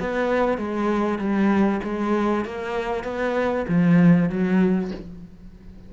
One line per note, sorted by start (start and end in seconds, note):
0.00 0.58 B3
0.58 1.19 G#3
1.19 1.81 G3
1.84 2.45 G#3
2.45 3.04 A#3
3.04 3.66 B3
3.68 4.29 F3
4.29 4.91 F#3